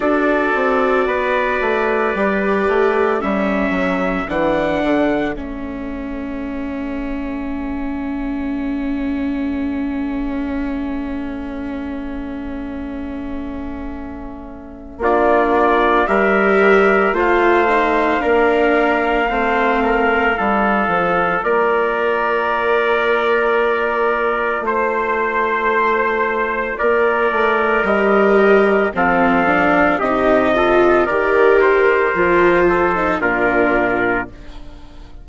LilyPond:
<<
  \new Staff \with { instrumentName = "trumpet" } { \time 4/4 \tempo 4 = 56 d''2. e''4 | fis''4 e''2.~ | e''1~ | e''2 d''4 e''4 |
f''1 | d''2. c''4~ | c''4 d''4 dis''4 f''4 | dis''4 d''8 c''4. ais'4 | }
  \new Staff \with { instrumentName = "trumpet" } { \time 4/4 a'4 b'2 a'4~ | a'1~ | a'1~ | a'2 f'4 ais'4 |
c''4 ais'4 c''8 ais'8 a'4 | ais'2. c''4~ | c''4 ais'2 a'4 | g'8 a'8 ais'4. a'8 f'4 | }
  \new Staff \with { instrumentName = "viola" } { \time 4/4 fis'2 g'4 cis'4 | d'4 cis'2.~ | cis'1~ | cis'2 d'4 g'4 |
f'8 dis'8 d'4 c'4 f'4~ | f'1~ | f'2 g'4 c'8 d'8 | dis'8 f'8 g'4 f'8. dis'16 d'4 | }
  \new Staff \with { instrumentName = "bassoon" } { \time 4/4 d'8 c'8 b8 a8 g8 a8 g8 fis8 | e8 d8 a2.~ | a1~ | a2 ais4 g4 |
a4 ais4 a4 g8 f8 | ais2. a4~ | a4 ais8 a8 g4 f4 | c4 dis4 f4 ais,4 | }
>>